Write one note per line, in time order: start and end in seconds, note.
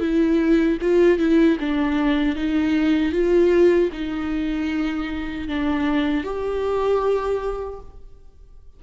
0.00 0.78 E4
0.82 1.19 F4
1.19 1.58 E4
1.60 2.36 D4
2.36 3.12 D#4
3.12 3.90 F4
3.92 5.48 D#4
5.48 6.24 D4
6.24 7.80 G4